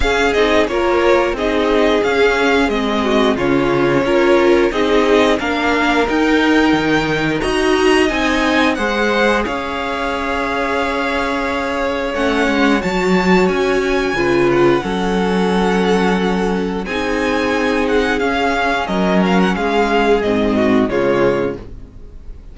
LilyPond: <<
  \new Staff \with { instrumentName = "violin" } { \time 4/4 \tempo 4 = 89 f''8 dis''8 cis''4 dis''4 f''4 | dis''4 cis''2 dis''4 | f''4 g''2 ais''4 | gis''4 fis''4 f''2~ |
f''2 fis''4 a''4 | gis''4. fis''2~ fis''8~ | fis''4 gis''4. fis''8 f''4 | dis''8 f''16 fis''16 f''4 dis''4 cis''4 | }
  \new Staff \with { instrumentName = "violin" } { \time 4/4 gis'4 ais'4 gis'2~ | gis'8 fis'8 f'4 ais'4 gis'4 | ais'2. dis''4~ | dis''4 c''4 cis''2~ |
cis''1~ | cis''4 b'4 a'2~ | a'4 gis'2. | ais'4 gis'4. fis'8 f'4 | }
  \new Staff \with { instrumentName = "viola" } { \time 4/4 cis'8 dis'8 f'4 dis'4 cis'4 | c'4 cis'4 f'4 dis'4 | d'4 dis'2 fis'4 | dis'4 gis'2.~ |
gis'2 cis'4 fis'4~ | fis'4 f'4 cis'2~ | cis'4 dis'2 cis'4~ | cis'2 c'4 gis4 | }
  \new Staff \with { instrumentName = "cello" } { \time 4/4 cis'8 c'8 ais4 c'4 cis'4 | gis4 cis4 cis'4 c'4 | ais4 dis'4 dis4 dis'4 | c'4 gis4 cis'2~ |
cis'2 a8 gis8 fis4 | cis'4 cis4 fis2~ | fis4 c'2 cis'4 | fis4 gis4 gis,4 cis4 | }
>>